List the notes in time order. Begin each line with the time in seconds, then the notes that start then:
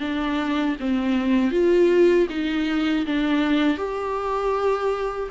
0.00 D4
0.80 C4
1.51 F4
2.30 D#4
3.06 D4
3.77 G4